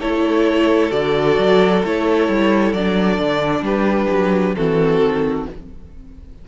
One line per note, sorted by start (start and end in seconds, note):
0.00 0.91 A3
0.00 0.91 E4
0.00 3.64 A4
0.00 0.91 C#5
0.91 1.37 D3
0.91 1.81 F#4
0.91 1.83 D5
1.37 1.83 F#3
1.84 2.28 A3
1.84 2.76 E4
1.84 2.73 C#5
2.28 2.73 G3
2.73 3.19 F#3
2.73 4.56 D4
2.73 3.64 D5
3.19 3.61 D3
3.61 4.07 G3
3.61 4.56 G4
3.61 4.55 B4
4.10 4.56 F#3
4.55 5.00 E3
4.55 5.47 C4
4.55 5.48 F#4
4.55 5.46 A4
5.00 5.46 D#3